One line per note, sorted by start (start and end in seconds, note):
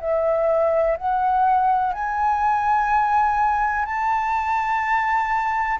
0.00 0.97 E5
0.97 1.93 F#5
1.93 3.85 G#5
3.85 5.79 A5